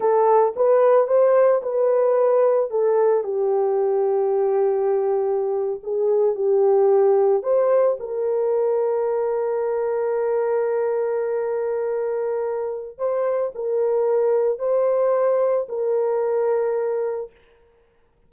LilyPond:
\new Staff \with { instrumentName = "horn" } { \time 4/4 \tempo 4 = 111 a'4 b'4 c''4 b'4~ | b'4 a'4 g'2~ | g'2~ g'8. gis'4 g'16~ | g'4.~ g'16 c''4 ais'4~ ais'16~ |
ais'1~ | ais'1 | c''4 ais'2 c''4~ | c''4 ais'2. | }